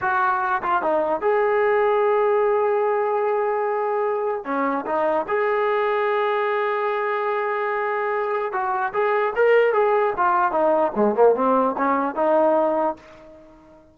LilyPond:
\new Staff \with { instrumentName = "trombone" } { \time 4/4 \tempo 4 = 148 fis'4. f'8 dis'4 gis'4~ | gis'1~ | gis'2. cis'4 | dis'4 gis'2.~ |
gis'1~ | gis'4 fis'4 gis'4 ais'4 | gis'4 f'4 dis'4 gis8 ais8 | c'4 cis'4 dis'2 | }